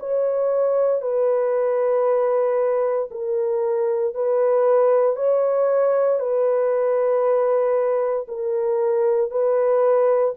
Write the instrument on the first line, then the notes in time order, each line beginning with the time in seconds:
horn
0.00 C#5
1.02 B4
3.11 A#4
4.15 B4
5.17 C#5
6.20 B4
8.29 A#4
9.31 B4